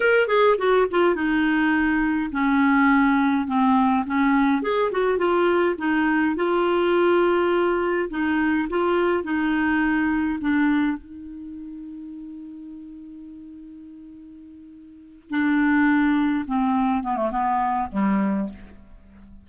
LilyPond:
\new Staff \with { instrumentName = "clarinet" } { \time 4/4 \tempo 4 = 104 ais'8 gis'8 fis'8 f'8 dis'2 | cis'2 c'4 cis'4 | gis'8 fis'8 f'4 dis'4 f'4~ | f'2 dis'4 f'4 |
dis'2 d'4 dis'4~ | dis'1~ | dis'2~ dis'8 d'4.~ | d'8 c'4 b16 a16 b4 g4 | }